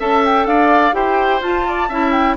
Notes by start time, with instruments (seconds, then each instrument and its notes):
0.00 bassoon C#4, clarinet A4, oboe E5, flute A5
0.26 flute G5
0.46 bassoon D4, oboe D5, flute F5
0.93 bassoon E4, clarinet G4, oboe C5, flute G5
1.41 bassoon F4, clarinet F4, flute A5
1.68 oboe D5
1.89 bassoon C#4, clarinet E4, oboe E5
2.12 flute G5